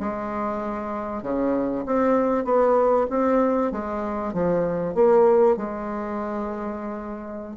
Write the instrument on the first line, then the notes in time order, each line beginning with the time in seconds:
bassoon
0.00 G#3
1.23 C#3
1.86 C4
2.45 B3
3.10 C4
3.72 G#3
4.34 F3
4.95 A#3
5.57 G#3